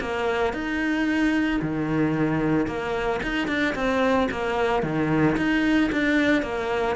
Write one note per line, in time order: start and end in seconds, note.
0.00 0.53 A#3
0.53 1.60 D#4
1.61 2.66 D#3
2.66 3.20 A#3
3.22 3.47 D#4
3.47 3.74 D4
3.75 4.28 C4
4.31 4.83 A#3
4.83 5.36 D#3
5.36 5.90 D#4
5.92 6.42 D4
6.42 6.95 A#3